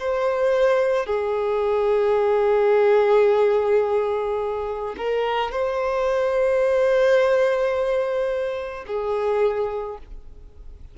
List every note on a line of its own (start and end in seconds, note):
0.00 1.07 C5
1.07 4.95 G#4
4.97 5.52 A#4
5.52 8.85 C5
8.87 9.98 G#4